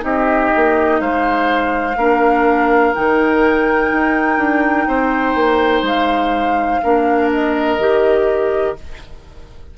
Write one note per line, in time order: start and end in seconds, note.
0.00 0.52 C4
0.00 1.94 D#4
0.00 1.01 G4
0.00 1.01 D#5
0.56 1.01 A#3
1.01 1.96 G#3
1.01 1.98 C5
1.01 2.95 F5
1.96 2.93 A#3
1.96 2.95 D4
1.96 4.88 A#4
2.95 3.92 D#3
2.95 6.82 D#4
2.95 5.86 G5
3.92 4.38 D#4
4.38 4.86 D4
4.88 5.35 C4
4.88 6.82 C5
5.35 5.82 A#3
5.82 6.79 G#3
5.82 7.31 F5
6.83 7.79 A#3
6.83 7.80 D4
6.83 8.77 A#4
7.33 8.78 D#5
7.79 8.76 D#3
7.79 8.77 G4